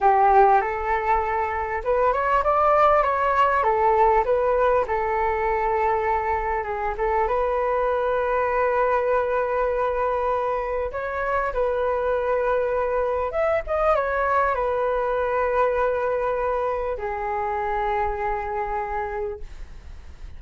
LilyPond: \new Staff \with { instrumentName = "flute" } { \time 4/4 \tempo 4 = 99 g'4 a'2 b'8 cis''8 | d''4 cis''4 a'4 b'4 | a'2. gis'8 a'8 | b'1~ |
b'2 cis''4 b'4~ | b'2 e''8 dis''8 cis''4 | b'1 | gis'1 | }